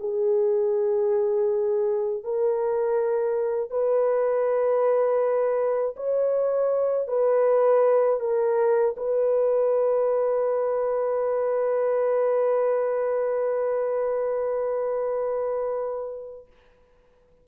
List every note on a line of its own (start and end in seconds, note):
0.00 2.24 G#4
2.24 3.71 A#4
3.71 5.96 B4
5.97 7.08 C#5
7.08 8.20 B4
8.20 8.95 A#4
8.97 16.47 B4